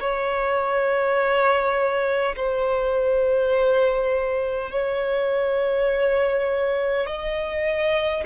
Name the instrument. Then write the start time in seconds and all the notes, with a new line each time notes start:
violin
0.00 C#5
2.36 C5
4.71 C#5
7.06 D#5